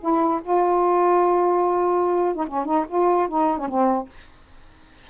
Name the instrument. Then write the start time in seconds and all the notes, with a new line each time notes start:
saxophone
0.00 E4
0.43 F4
2.35 D#4
2.47 C#4
2.65 D#4
2.88 F4
3.28 D#4
3.58 C#4
3.68 C4